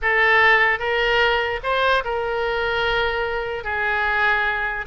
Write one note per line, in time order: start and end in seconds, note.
0.02 0.79 A4
0.79 1.60 A#4
1.63 2.03 C5
2.04 3.64 A#4
3.64 4.85 G#4